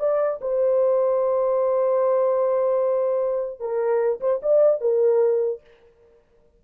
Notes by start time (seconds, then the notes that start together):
0.00 D5
0.42 C5
3.60 A#4
4.21 C5
4.43 D5
4.81 A#4